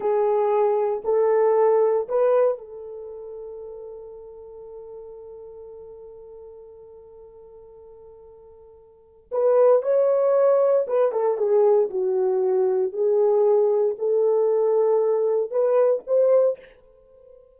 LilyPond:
\new Staff \with { instrumentName = "horn" } { \time 4/4 \tempo 4 = 116 gis'2 a'2 | b'4 a'2.~ | a'1~ | a'1~ |
a'2 b'4 cis''4~ | cis''4 b'8 a'8 gis'4 fis'4~ | fis'4 gis'2 a'4~ | a'2 b'4 c''4 | }